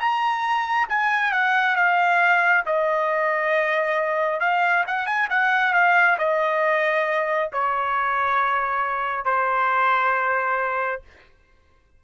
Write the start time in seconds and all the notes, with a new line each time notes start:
0.00 A#5
0.89 G#5
1.32 F#5
1.76 F5
2.66 D#5
4.40 F5
4.87 F#5
5.07 G#5
5.30 F#5
5.74 F5
6.18 D#5
7.53 C#5
9.25 C5